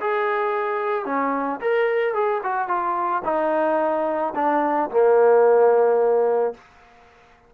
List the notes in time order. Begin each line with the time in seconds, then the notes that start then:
0.00 G#4
1.05 C#4
1.61 A#4
2.14 G#4
2.43 F#4
2.68 F4
3.24 D#4
4.35 D4
4.90 A#3